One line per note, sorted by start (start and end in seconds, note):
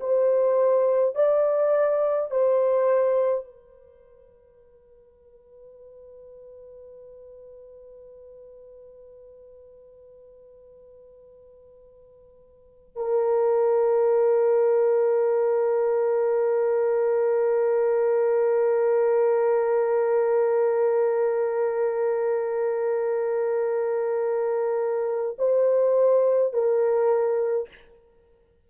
0.00 1.15 C5
1.15 2.31 D5
2.31 3.45 C5
3.45 12.96 B4
12.96 25.36 A#4
25.38 26.53 C5
26.53 27.69 A#4